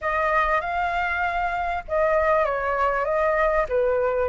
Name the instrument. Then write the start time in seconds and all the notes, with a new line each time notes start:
flute
0.01 D#5
0.61 F5
1.88 D#5
2.45 C#5
3.04 D#5
3.68 B4